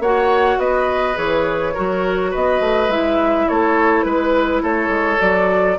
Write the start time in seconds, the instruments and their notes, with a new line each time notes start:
0.00 bassoon A#3, clarinet F#4, oboe C#5, flute F#5
0.58 bassoon B3, oboe B4, flute D#5
1.15 bassoon E3, clarinet G#4, flute C#5
1.74 bassoon F#3, clarinet F#4, oboe A#4
2.31 bassoon B3, oboe B4, flute D#5
2.61 bassoon A3
2.89 bassoon G#3, clarinet E4, flute E5
3.49 bassoon A3, oboe A4, flute C#5
4.03 bassoon G#3, flute B4, oboe B4
4.63 bassoon A3, oboe A4, flute C#5
4.89 bassoon G#3
5.18 bassoon F#3, clarinet F#4, flute D5